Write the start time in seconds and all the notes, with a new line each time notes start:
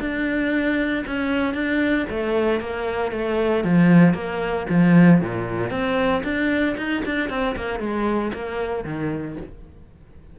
0.00 D4
1.06 C#4
1.54 D4
2.10 A3
2.61 A#3
3.12 A3
3.64 F3
4.14 A#3
4.69 F3
5.21 A#2
5.70 C4
6.23 D4
6.77 D#4
7.05 D4
7.30 C4
7.56 A#3
7.80 G#3
8.33 A#3
8.85 D#3